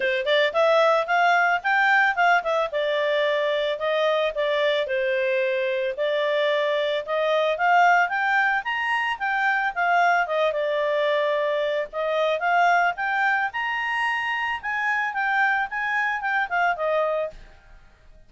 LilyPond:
\new Staff \with { instrumentName = "clarinet" } { \time 4/4 \tempo 4 = 111 c''8 d''8 e''4 f''4 g''4 | f''8 e''8 d''2 dis''4 | d''4 c''2 d''4~ | d''4 dis''4 f''4 g''4 |
ais''4 g''4 f''4 dis''8 d''8~ | d''2 dis''4 f''4 | g''4 ais''2 gis''4 | g''4 gis''4 g''8 f''8 dis''4 | }